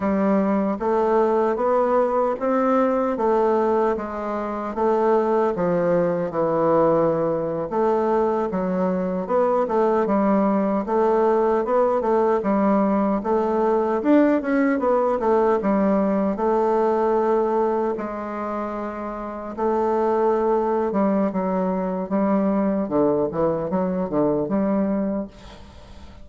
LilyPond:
\new Staff \with { instrumentName = "bassoon" } { \time 4/4 \tempo 4 = 76 g4 a4 b4 c'4 | a4 gis4 a4 f4 | e4.~ e16 a4 fis4 b16~ | b16 a8 g4 a4 b8 a8 g16~ |
g8. a4 d'8 cis'8 b8 a8 g16~ | g8. a2 gis4~ gis16~ | gis8. a4.~ a16 g8 fis4 | g4 d8 e8 fis8 d8 g4 | }